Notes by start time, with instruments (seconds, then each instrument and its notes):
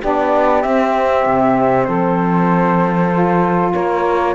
0.00 cello B3, saxophone D4 G4, flute D5
0.61 saxophone C4, cello C4, flute E5
1.26 cello C3
1.84 cello F3, saxophone A4, flute C5
3.12 saxophone F4
3.73 cello A#3, saxophone A#4, flute C#5